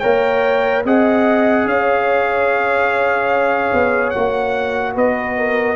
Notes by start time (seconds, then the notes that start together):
0.00 A#3 A#4 C#5 G5
0.85 C4 G#4 D#5 F#5
1.66 C#4 C#5 F5
3.73 B3
4.10 A#3 F#4 F#5
4.95 B3 B4 D#5
5.38 A#4